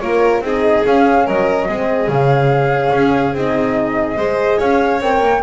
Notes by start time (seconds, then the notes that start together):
0.00 A#3 F4 A#4 C#5
0.41 C4 D#4 G#4 D#5
0.85 C#4 F5
1.26 F#3 A#4 D#5
1.69 G#3 C4 G#4
2.09 C#3 C#4 F5
2.93 C#4
3.34 C4 D#4 D#5
4.17 G#3 G#4 C5
4.59 C#4 C#5 F5
5.01 C4 A#4 G5
5.22 A#3